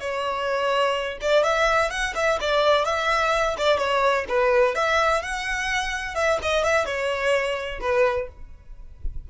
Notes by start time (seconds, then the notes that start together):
0.00 C#5
1.21 D5
1.43 E5
1.90 F#5
2.15 E5
2.40 D5
2.85 E5
3.58 D5
3.78 C#5
4.28 B4
4.75 E5
5.22 F#5
6.15 E5
6.42 D#5
6.64 E5
6.85 C#5
7.81 B4